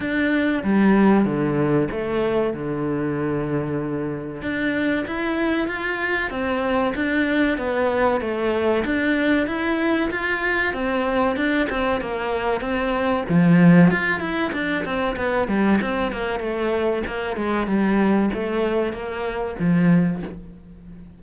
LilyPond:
\new Staff \with { instrumentName = "cello" } { \time 4/4 \tempo 4 = 95 d'4 g4 d4 a4 | d2. d'4 | e'4 f'4 c'4 d'4 | b4 a4 d'4 e'4 |
f'4 c'4 d'8 c'8 ais4 | c'4 f4 f'8 e'8 d'8 c'8 | b8 g8 c'8 ais8 a4 ais8 gis8 | g4 a4 ais4 f4 | }